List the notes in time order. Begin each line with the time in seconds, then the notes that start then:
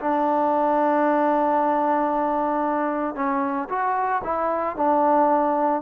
0.00 D4
3.15 C#4
3.69 F#4
4.24 E4
4.77 D4